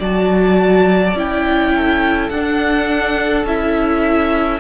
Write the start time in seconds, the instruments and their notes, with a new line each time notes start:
0.00 cello F#3, viola F#4, violin D5 A5
1.14 cello C#4, viola E4, violin G5
1.76 violin A4
2.30 cello D4, viola D4, violin F#5
3.45 cello C#4, viola E4, violin E5